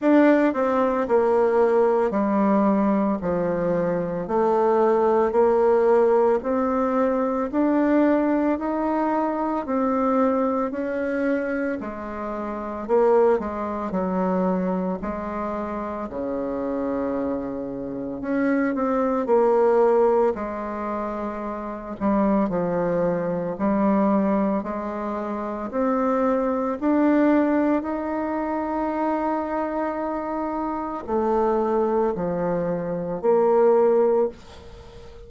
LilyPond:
\new Staff \with { instrumentName = "bassoon" } { \time 4/4 \tempo 4 = 56 d'8 c'8 ais4 g4 f4 | a4 ais4 c'4 d'4 | dis'4 c'4 cis'4 gis4 | ais8 gis8 fis4 gis4 cis4~ |
cis4 cis'8 c'8 ais4 gis4~ | gis8 g8 f4 g4 gis4 | c'4 d'4 dis'2~ | dis'4 a4 f4 ais4 | }